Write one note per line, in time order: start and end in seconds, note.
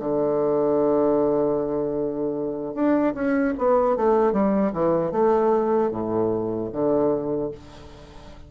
0.00 2.75 D3
2.75 3.14 D4
3.15 3.54 C#4
3.58 3.97 B3
3.97 4.33 A3
4.33 4.72 G3
4.73 5.12 E3
5.12 5.91 A3
5.91 6.70 A2
6.72 7.51 D3